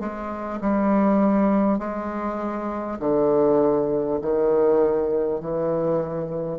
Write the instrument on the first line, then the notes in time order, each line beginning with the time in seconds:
bassoon
0.00 G#3
0.61 G3
1.79 G#3
2.99 D3
4.22 D#3
5.41 E3